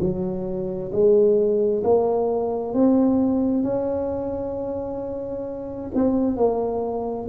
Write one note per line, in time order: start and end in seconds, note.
0.00 0.91 F#3
0.92 1.83 G#3
1.83 2.74 A#3
2.74 3.63 C4
3.63 5.90 C#4
5.95 6.36 C4
6.36 7.27 A#3